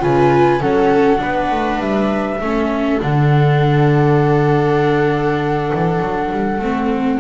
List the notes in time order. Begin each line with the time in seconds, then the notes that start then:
0.00 C#3 F4 B4 G#5
0.60 F#3 C#4 A4 F#5
1.18 B3 D4 B4
1.51 A3
1.79 G3 E5
2.41 A3 C#4 A4
3.01 D3 D4 F#5
5.75 E3
6.00 F#3
6.32 G3
6.59 A3 C4